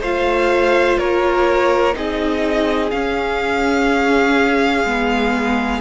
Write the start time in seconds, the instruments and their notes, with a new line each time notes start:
0.00 cello A3, viola F4, violin C5 F5
0.98 cello A#3, violin A#4 C#5
1.93 cello C4, viola D#4, violin G#4 D#5
2.91 cello C#4, viola C#4, violin F5
4.84 cello G#3, viola B3